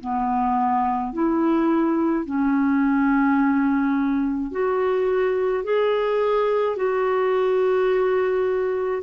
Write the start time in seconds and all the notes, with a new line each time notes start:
0.00 B3
1.13 E4
2.25 C#4
4.51 F#4
5.63 G#4
6.76 F#4